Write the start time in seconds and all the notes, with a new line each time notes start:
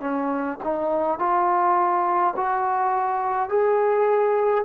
0.00 C#4
0.63 D#4
1.19 F4
2.36 F#4
3.49 G#4